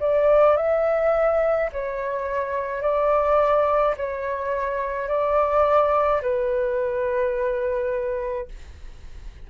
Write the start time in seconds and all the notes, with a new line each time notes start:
0.00 D5
0.57 E5
1.72 C#5
2.82 D5
3.97 C#5
5.08 D5
6.22 B4